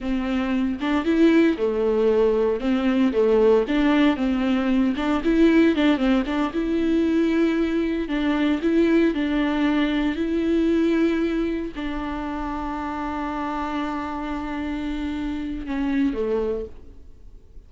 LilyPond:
\new Staff \with { instrumentName = "viola" } { \time 4/4 \tempo 4 = 115 c'4. d'8 e'4 a4~ | a4 c'4 a4 d'4 | c'4. d'8 e'4 d'8 c'8 | d'8 e'2. d'8~ |
d'8 e'4 d'2 e'8~ | e'2~ e'8 d'4.~ | d'1~ | d'2 cis'4 a4 | }